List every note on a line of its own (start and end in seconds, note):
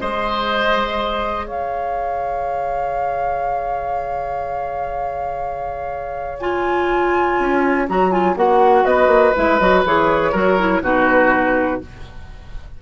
0.00 1.49 G#3
0.00 6.40 G#4
0.00 1.46 C5
0.00 1.46 D#5
1.46 7.39 C#3
1.46 8.84 C#5
1.46 6.38 F5
6.40 7.88 F4
6.40 7.87 G#5
7.39 7.88 C#4
7.89 8.36 F#3
7.89 8.11 F#4
7.89 8.12 A#5
8.11 8.36 F4
8.11 8.36 G#5
8.36 8.84 A#3
8.36 9.35 F#4
8.36 8.85 F#5
8.84 9.07 B3
8.84 10.32 B4
8.84 9.34 D#5
9.07 9.32 A#3
9.35 9.60 G#3
9.35 9.60 E4
9.35 9.59 E5
9.59 9.85 F#3
9.59 9.85 F#4
9.59 9.84 D#5
9.85 10.33 E3
9.85 10.33 G#4
9.85 10.84 C#5
10.32 10.82 F#3
10.32 10.58 F#4
10.32 10.81 A#4
10.59 10.83 E4
10.82 11.80 B2
10.82 11.81 D#4
10.82 11.82 F#4
10.82 11.82 B4